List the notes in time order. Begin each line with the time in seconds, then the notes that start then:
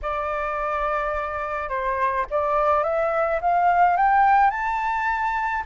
0.02 D5
1.69 C5
2.30 D5
2.83 E5
3.41 F5
3.96 G5
4.50 A5